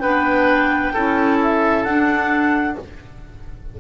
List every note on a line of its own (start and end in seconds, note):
0.00 0.95 B3
0.00 0.95 D4
0.00 0.94 B4
0.00 1.38 G5
0.94 1.85 C#4
0.94 1.88 E4
0.94 2.78 A4
1.43 1.84 E5
1.84 2.77 D4
1.84 2.80 D4
1.84 2.76 F#5